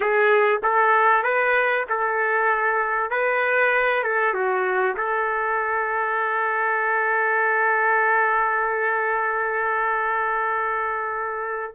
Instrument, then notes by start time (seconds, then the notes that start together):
trumpet
0.00 G#4
0.62 A4
1.23 B4
1.89 A4
3.10 B4
4.03 A4
4.34 F#4
4.96 A4